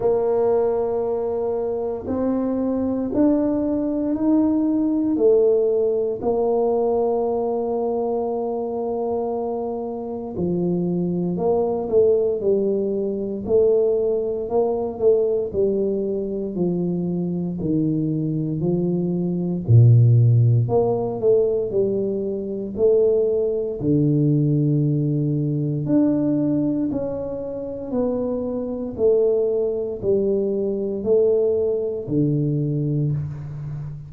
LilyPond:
\new Staff \with { instrumentName = "tuba" } { \time 4/4 \tempo 4 = 58 ais2 c'4 d'4 | dis'4 a4 ais2~ | ais2 f4 ais8 a8 | g4 a4 ais8 a8 g4 |
f4 dis4 f4 ais,4 | ais8 a8 g4 a4 d4~ | d4 d'4 cis'4 b4 | a4 g4 a4 d4 | }